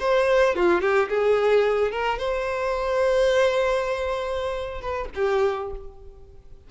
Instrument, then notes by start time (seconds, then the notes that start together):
violin
0.00 C5
0.56 F4
0.81 G4
1.09 G#4
1.91 A#4
2.19 C5
4.82 B4
5.15 G4